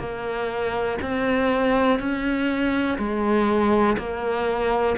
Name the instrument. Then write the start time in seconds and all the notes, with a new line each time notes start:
cello
0.00 A#3
1.02 C4
2.00 C#4
2.99 G#3
3.98 A#3